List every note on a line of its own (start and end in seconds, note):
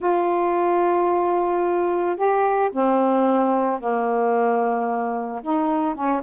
0.00 2.16 F4
2.16 2.70 G4
2.72 3.80 C4
3.80 5.42 A#3
5.42 5.94 D#4
5.94 6.21 C#4